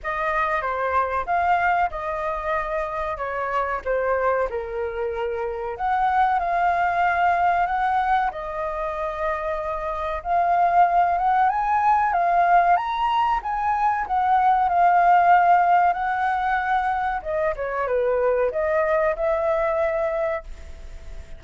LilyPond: \new Staff \with { instrumentName = "flute" } { \time 4/4 \tempo 4 = 94 dis''4 c''4 f''4 dis''4~ | dis''4 cis''4 c''4 ais'4~ | ais'4 fis''4 f''2 | fis''4 dis''2. |
f''4. fis''8 gis''4 f''4 | ais''4 gis''4 fis''4 f''4~ | f''4 fis''2 dis''8 cis''8 | b'4 dis''4 e''2 | }